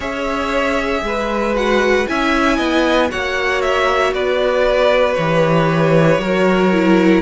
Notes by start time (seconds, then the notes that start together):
0.00 C#4 G#4 C#5 E5
1.02 G#3 B4
1.54 F#4 F#5
2.06 C#4 E4 E5 G#5
2.56 B3 D#5
3.09 A#3 F#4 C#5 F#5
3.61 E5
4.12 B3 B4 D5
5.14 E3 G4 C#5
6.18 F#3 F#4 A#4
6.72 E4